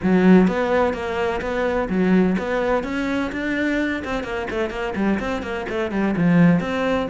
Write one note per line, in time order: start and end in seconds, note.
0.02 0.47 F#3
0.47 0.93 B3
0.93 1.40 A#3
1.41 1.88 B3
1.89 2.36 F#3
2.38 2.83 B3
2.83 3.31 C#4
3.32 4.03 D4
4.04 4.23 C4
4.23 4.47 A#3
4.50 4.70 A3
4.70 4.93 A#3
4.95 5.19 G3
5.19 5.42 C4
5.42 5.65 A#3
5.69 5.91 A3
5.91 6.14 G3
6.17 6.60 F3
6.60 7.07 C4